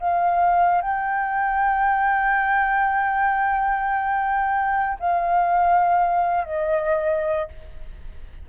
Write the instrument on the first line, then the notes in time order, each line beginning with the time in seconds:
flute
0.00 F5
0.82 G5
5.00 F5
6.45 D#5